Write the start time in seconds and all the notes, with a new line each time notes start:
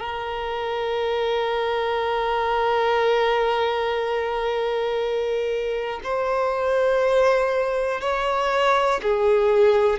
0.00 A#4
6.03 C5
8.00 C#5
9.02 G#4